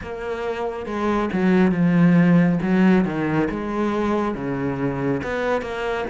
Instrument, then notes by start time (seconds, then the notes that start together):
cello
0.02 A#3
0.86 G#3
1.32 F#3
1.72 F3
2.62 F#3
3.04 D#3
3.50 G#3
4.34 C#3
5.23 B3
5.61 A#3